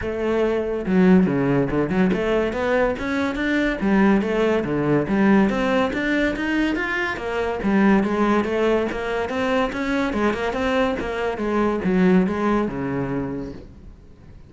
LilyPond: \new Staff \with { instrumentName = "cello" } { \time 4/4 \tempo 4 = 142 a2 fis4 cis4 | d8 fis8 a4 b4 cis'4 | d'4 g4 a4 d4 | g4 c'4 d'4 dis'4 |
f'4 ais4 g4 gis4 | a4 ais4 c'4 cis'4 | gis8 ais8 c'4 ais4 gis4 | fis4 gis4 cis2 | }